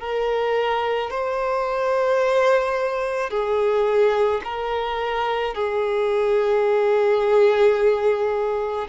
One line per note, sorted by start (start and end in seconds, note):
0.00 1.11 A#4
1.11 3.30 C5
3.30 4.41 G#4
4.44 5.55 A#4
5.55 8.88 G#4